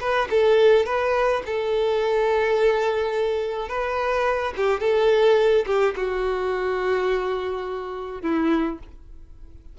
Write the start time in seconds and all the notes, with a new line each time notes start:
0.00 B4
0.30 A4
0.86 B4
1.46 A4
3.68 B4
4.56 G4
4.80 A4
5.66 G4
5.96 F#4
8.22 E4